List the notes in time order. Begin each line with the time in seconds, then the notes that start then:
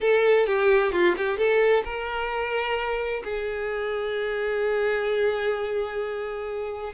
0.00 A4
0.46 G4
0.91 F4
1.17 G4
1.37 A4
1.84 A#4
3.24 G#4